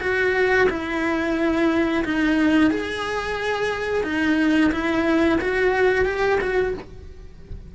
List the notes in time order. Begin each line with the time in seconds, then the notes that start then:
0.00 F#4
0.69 E4
2.04 D#4
2.71 G#4
4.03 D#4
4.72 E4
5.41 F#4
6.05 G4
6.40 F#4